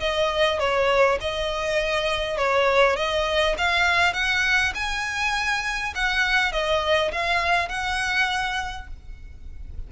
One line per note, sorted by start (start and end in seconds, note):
0.00 0.59 D#5
0.59 1.19 C#5
1.21 2.38 D#5
2.38 2.96 C#5
2.96 3.56 D#5
3.58 4.14 F5
4.14 4.73 F#5
4.75 5.94 G#5
5.95 6.52 F#5
6.52 7.12 D#5
7.12 7.69 F5
7.69 8.88 F#5